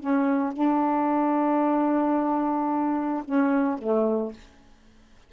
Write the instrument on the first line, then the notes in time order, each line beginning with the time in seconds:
saxophone
0.00 C#4
0.54 D4
3.25 C#4
3.79 A3